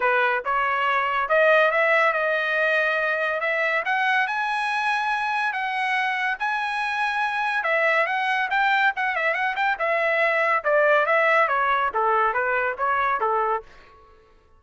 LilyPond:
\new Staff \with { instrumentName = "trumpet" } { \time 4/4 \tempo 4 = 141 b'4 cis''2 dis''4 | e''4 dis''2. | e''4 fis''4 gis''2~ | gis''4 fis''2 gis''4~ |
gis''2 e''4 fis''4 | g''4 fis''8 e''8 fis''8 g''8 e''4~ | e''4 d''4 e''4 cis''4 | a'4 b'4 cis''4 a'4 | }